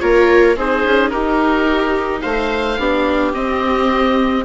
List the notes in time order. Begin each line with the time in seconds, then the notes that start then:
0.00 A#3 F4 A#4 C#5
0.56 C4 D#4 G#4 C5
0.84 C#4
1.10 D#4 G4 A#4
2.21 A3 C5 F5
2.78 B3 D4 G4
3.34 C4 D#5